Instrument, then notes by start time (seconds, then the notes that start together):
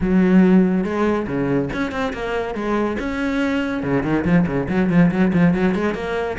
cello
0.00 F#3
0.84 G#3
1.26 C#3
1.73 C#4
1.91 C4
2.13 A#3
2.54 G#3
2.99 C#4
3.83 C#3
4.03 D#3
4.24 F3
4.46 C#3
4.68 F#3
4.89 F3
5.11 F#3
5.33 F3
5.53 F#3
5.74 G#3
5.94 A#3